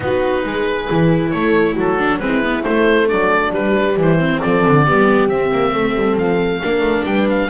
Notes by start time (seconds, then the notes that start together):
0.00 B3 D#4 F#4 B4
0.43 G#3 G#4
0.89 E3 E4
1.30 A3 A4 C#5
1.73 F#3 F#4
1.79 A4
1.98 D4
2.18 G#3 C4 E4 B4
2.43 B3
2.62 A3 C5
3.07 F#3 D4 D5
3.52 G3 B4
3.96 E3 E4 C5
4.18 C4
4.41 F3 A4 D5
4.67 D3
4.84 G3 B3 G4
5.27 C4 E5
5.52 A#3
5.73 A3 A4
5.95 G3
6.16 F3 F5
6.62 A#3 D4 A#4
6.80 A3
7.04 G3 B4 G5
7.29 F5